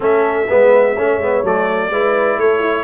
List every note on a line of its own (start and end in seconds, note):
0.00 0.49 A3
0.00 0.47 C#4
0.00 0.48 A4
0.00 1.45 E5
0.48 0.97 G#3
0.48 0.96 B3
0.48 0.95 B4
0.95 1.17 A3
0.95 1.21 C#4
0.95 1.90 C#5
1.17 1.41 G#3
1.17 1.43 B3
1.43 1.90 F#3
1.43 1.91 A3
1.43 2.39 D5
1.90 2.37 G#3
1.90 2.84 E4
1.90 2.39 B4
2.37 2.84 A3
2.37 2.59 A4
2.37 2.84 C#5
2.59 2.83 E4